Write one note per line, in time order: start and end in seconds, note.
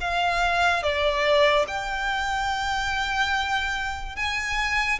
0.00 0.83 F5
0.83 1.66 D5
1.68 4.16 G5
4.16 4.99 G#5